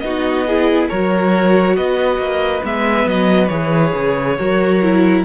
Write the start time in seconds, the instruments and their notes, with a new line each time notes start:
0.00 cello B3, viola D#4, violin F#4 D#5
0.47 viola E4, violin G#4
0.89 cello F#3, viola F#4, violin A#4 C#5
1.77 cello B3, violin B4 D#5
2.18 cello A#3
2.63 cello G#3, viola B3, violin E5
3.06 cello F#3, violin D#5
3.48 cello E3, viola G#4, violin C#5
3.95 cello C#3
4.39 cello F#3, viola F#4, violin A#4
4.83 viola E4